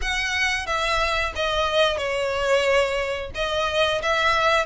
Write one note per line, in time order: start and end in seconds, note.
0.01 0.66 F#5
0.66 1.32 E5
1.35 1.97 D#5
1.97 3.31 C#5
3.35 4.01 D#5
4.02 4.65 E5